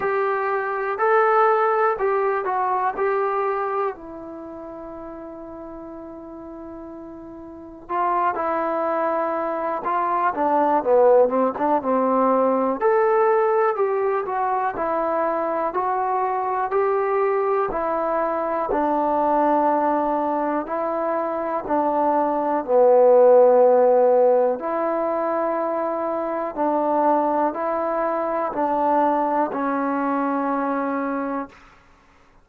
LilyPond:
\new Staff \with { instrumentName = "trombone" } { \time 4/4 \tempo 4 = 61 g'4 a'4 g'8 fis'8 g'4 | e'1 | f'8 e'4. f'8 d'8 b8 c'16 d'16 | c'4 a'4 g'8 fis'8 e'4 |
fis'4 g'4 e'4 d'4~ | d'4 e'4 d'4 b4~ | b4 e'2 d'4 | e'4 d'4 cis'2 | }